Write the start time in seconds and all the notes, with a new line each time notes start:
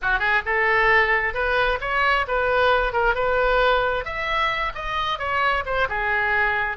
0.02 F#4
0.19 G#4
0.45 A4
1.33 B4
1.80 C#5
2.27 B4
2.93 A#4
3.15 B4
4.04 E5
4.75 D#5
5.18 C#5
5.65 C5
5.89 G#4